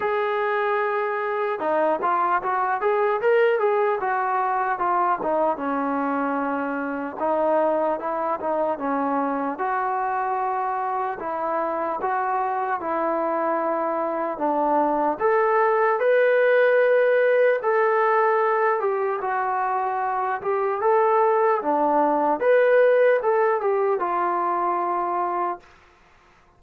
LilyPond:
\new Staff \with { instrumentName = "trombone" } { \time 4/4 \tempo 4 = 75 gis'2 dis'8 f'8 fis'8 gis'8 | ais'8 gis'8 fis'4 f'8 dis'8 cis'4~ | cis'4 dis'4 e'8 dis'8 cis'4 | fis'2 e'4 fis'4 |
e'2 d'4 a'4 | b'2 a'4. g'8 | fis'4. g'8 a'4 d'4 | b'4 a'8 g'8 f'2 | }